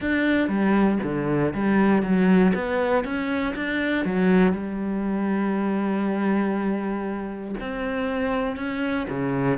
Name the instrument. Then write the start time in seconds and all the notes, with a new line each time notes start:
cello
0.00 D4
0.48 G3
1.03 D3
1.54 G3
2.02 F#3
2.54 B3
3.04 C#4
3.55 D4
4.05 F#3
4.52 G3
7.60 C4
8.56 C#4
9.09 C#3